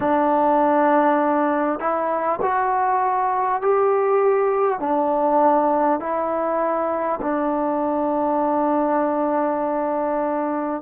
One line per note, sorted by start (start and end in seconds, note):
0.00 1.79 D4
1.79 2.39 E4
2.41 3.61 F#4
3.61 4.79 G4
4.79 5.99 D4
5.99 7.19 E4
7.21 10.81 D4